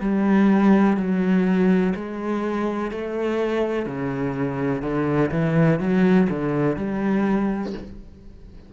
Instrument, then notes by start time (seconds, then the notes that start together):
cello
0.00 G3
0.96 F#3
1.95 G#3
2.91 A3
3.86 C#3
4.82 D3
5.31 E3
5.79 F#3
6.29 D3
6.76 G3